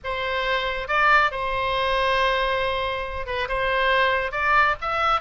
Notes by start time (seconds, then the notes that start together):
0.03 C5
0.88 D5
1.31 C5
3.26 B4
3.48 C5
4.31 D5
4.81 E5